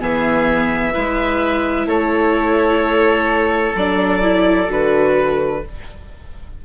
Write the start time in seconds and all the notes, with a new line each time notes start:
0.00 E3 B3 G#4 E5
0.94 G#3 E4 B4
1.87 A3 A4 C#5
3.75 F#3 D4 D5
4.23 E4
4.67 D3 F#4 B4